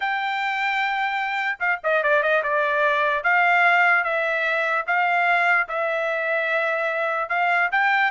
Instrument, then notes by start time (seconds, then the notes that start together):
trumpet
0.00 G5
1.59 F5
1.83 D#5
2.03 D5
2.22 D#5
2.43 D5
3.23 F5
4.03 E5
4.86 F5
5.68 E5
7.29 F5
7.71 G5